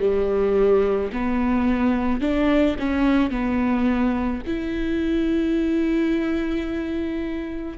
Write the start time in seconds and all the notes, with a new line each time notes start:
0.00 G3
1.13 B3
2.21 D4
2.79 C#4
3.30 B3
4.46 E4